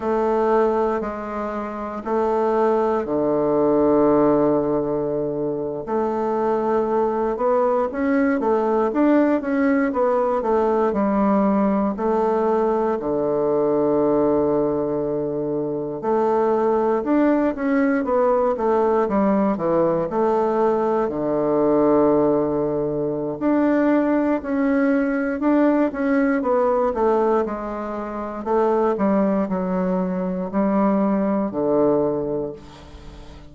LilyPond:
\new Staff \with { instrumentName = "bassoon" } { \time 4/4 \tempo 4 = 59 a4 gis4 a4 d4~ | d4.~ d16 a4. b8 cis'16~ | cis'16 a8 d'8 cis'8 b8 a8 g4 a16~ | a8. d2. a16~ |
a8. d'8 cis'8 b8 a8 g8 e8 a16~ | a8. d2~ d16 d'4 | cis'4 d'8 cis'8 b8 a8 gis4 | a8 g8 fis4 g4 d4 | }